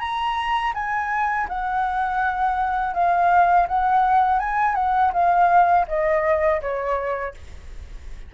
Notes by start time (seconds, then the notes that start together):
0.00 A#5
0.75 G#5
1.49 F#5
2.94 F5
3.69 F#5
4.40 G#5
4.76 F#5
5.14 F5
5.88 D#5
6.62 C#5